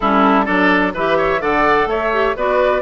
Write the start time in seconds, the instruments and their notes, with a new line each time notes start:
0.00 bassoon G3, clarinet C#4, oboe E4, flute A4
0.45 bassoon F#3, clarinet D4, oboe A4, flute D5
0.94 bassoon E3, clarinet G4, oboe B4, flute E5
1.17 oboe C#5
1.40 bassoon D3, clarinet A4, oboe D5, flute F#5
1.86 bassoon A3, oboe C#5, flute E5
2.12 clarinet G4
2.36 bassoon B3, clarinet F#4, oboe B4, flute D5